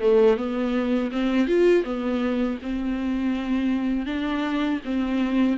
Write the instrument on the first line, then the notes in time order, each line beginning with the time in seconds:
viola
0.00 A3
0.36 B3
1.11 C4
1.47 F4
1.84 B3
2.62 C4
4.06 D4
4.85 C4